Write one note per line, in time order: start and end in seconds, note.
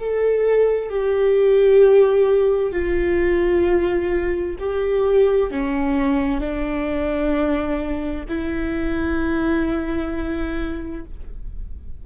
0.00 0.90 A4
0.90 2.72 G4
2.72 4.57 F4
4.59 5.51 G4
5.51 6.41 C#4
6.41 8.25 D4
8.29 11.06 E4